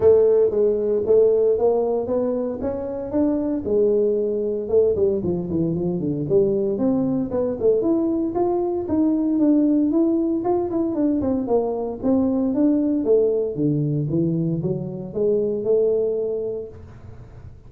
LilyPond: \new Staff \with { instrumentName = "tuba" } { \time 4/4 \tempo 4 = 115 a4 gis4 a4 ais4 | b4 cis'4 d'4 gis4~ | gis4 a8 g8 f8 e8 f8 d8 | g4 c'4 b8 a8 e'4 |
f'4 dis'4 d'4 e'4 | f'8 e'8 d'8 c'8 ais4 c'4 | d'4 a4 d4 e4 | fis4 gis4 a2 | }